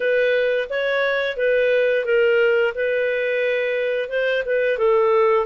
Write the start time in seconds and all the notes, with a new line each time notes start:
0.00 B4
0.69 C#5
1.36 B4
2.05 A#4
2.74 B4
4.09 C5
4.45 B4
4.77 A4